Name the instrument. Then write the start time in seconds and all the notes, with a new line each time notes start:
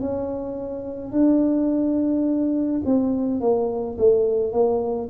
tuba
0.00 C#4
1.11 D4
2.85 C4
3.40 A#3
3.98 A3
4.52 A#3